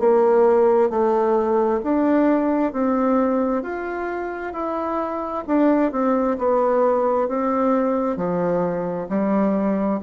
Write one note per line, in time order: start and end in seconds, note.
0.00 0.90 A#3
0.90 1.81 A3
1.84 2.73 D4
2.73 3.63 C4
3.63 4.53 F4
4.53 5.44 E4
5.47 5.92 D4
5.92 6.38 C4
6.38 7.29 B3
7.29 8.17 C4
8.17 9.08 F3
9.10 10.00 G3